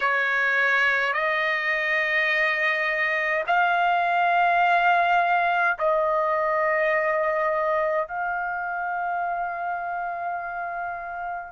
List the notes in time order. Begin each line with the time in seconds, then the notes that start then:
0.00 C#5
1.13 D#5
3.46 F5
5.78 D#5
8.08 F5